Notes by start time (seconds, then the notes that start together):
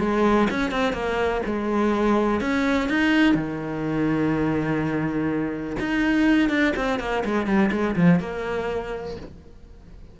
0.00 G#3
0.51 C#4
0.71 C4
0.93 A#3
1.46 G#3
2.41 C#4
2.89 D#4
3.35 D#3
5.80 D#4
6.50 D4
6.77 C4
7.00 A#3
7.25 G#3
7.46 G3
7.72 G#3
7.96 F3
8.20 A#3